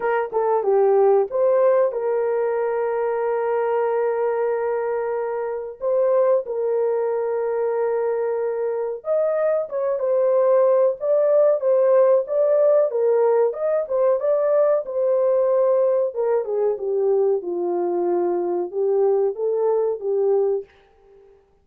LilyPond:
\new Staff \with { instrumentName = "horn" } { \time 4/4 \tempo 4 = 93 ais'8 a'8 g'4 c''4 ais'4~ | ais'1~ | ais'4 c''4 ais'2~ | ais'2 dis''4 cis''8 c''8~ |
c''4 d''4 c''4 d''4 | ais'4 dis''8 c''8 d''4 c''4~ | c''4 ais'8 gis'8 g'4 f'4~ | f'4 g'4 a'4 g'4 | }